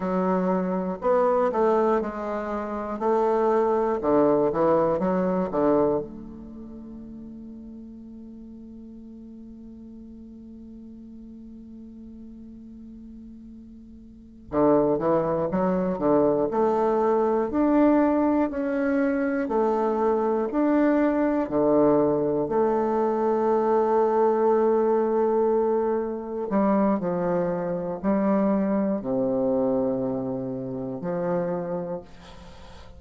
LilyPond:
\new Staff \with { instrumentName = "bassoon" } { \time 4/4 \tempo 4 = 60 fis4 b8 a8 gis4 a4 | d8 e8 fis8 d8 a2~ | a1~ | a2~ a8 d8 e8 fis8 |
d8 a4 d'4 cis'4 a8~ | a8 d'4 d4 a4.~ | a2~ a8 g8 f4 | g4 c2 f4 | }